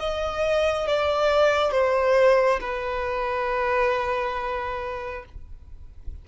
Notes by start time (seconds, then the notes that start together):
0.00 D#5
0.87 D5
1.72 C5
2.61 B4